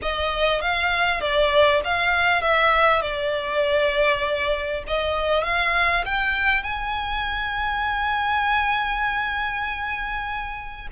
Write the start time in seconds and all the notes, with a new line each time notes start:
0.02 D#5
0.61 F5
1.20 D5
1.84 F5
2.41 E5
3.01 D5
4.87 D#5
5.43 F5
6.05 G5
6.63 G#5